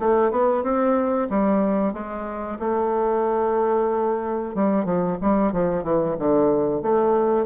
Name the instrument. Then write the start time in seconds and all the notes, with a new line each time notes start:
bassoon
0.00 A3
0.31 B3
0.63 C4
1.30 G3
1.94 G#3
2.60 A3
4.55 G3
4.85 F3
5.22 G3
5.53 F3
5.83 E3
6.19 D3
6.82 A3